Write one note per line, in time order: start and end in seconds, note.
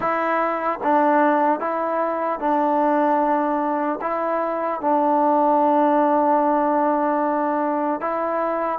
0.00 0.79 E4
0.83 1.60 D4
1.60 2.39 E4
2.39 3.99 D4
4.01 4.80 E4
4.80 8.00 D4
8.00 8.79 E4